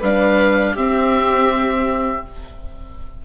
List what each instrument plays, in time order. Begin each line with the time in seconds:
0.00 bassoon G3, viola D4, violin B4, oboe F5
0.73 bassoon C4, viola C4, violin G4, oboe E5